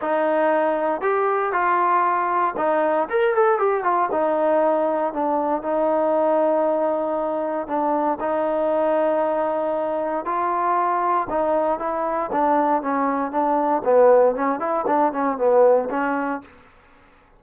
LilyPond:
\new Staff \with { instrumentName = "trombone" } { \time 4/4 \tempo 4 = 117 dis'2 g'4 f'4~ | f'4 dis'4 ais'8 a'8 g'8 f'8 | dis'2 d'4 dis'4~ | dis'2. d'4 |
dis'1 | f'2 dis'4 e'4 | d'4 cis'4 d'4 b4 | cis'8 e'8 d'8 cis'8 b4 cis'4 | }